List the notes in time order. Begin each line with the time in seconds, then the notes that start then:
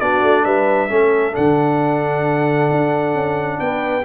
0.00 B3 D4 F#4 D5
0.23 A3
0.45 G3 B4 E5
0.89 A3 C#4 A4
1.32 D3 D4 F#5
2.71 D4
3.15 C#4
3.60 B3 B4 G5